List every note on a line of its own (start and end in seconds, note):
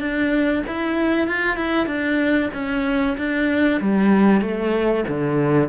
0.00 0.63 D4
0.67 1.27 E4
1.27 1.57 F4
1.57 1.87 E4
1.87 2.50 D4
2.54 3.17 C#4
3.18 3.81 D4
3.81 4.42 G3
4.42 5.05 A3
5.08 5.69 D3